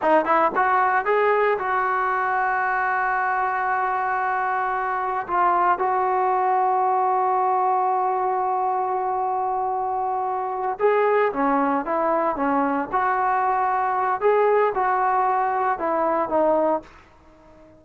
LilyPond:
\new Staff \with { instrumentName = "trombone" } { \time 4/4 \tempo 4 = 114 dis'8 e'8 fis'4 gis'4 fis'4~ | fis'1~ | fis'2 f'4 fis'4~ | fis'1~ |
fis'1~ | fis'8 gis'4 cis'4 e'4 cis'8~ | cis'8 fis'2~ fis'8 gis'4 | fis'2 e'4 dis'4 | }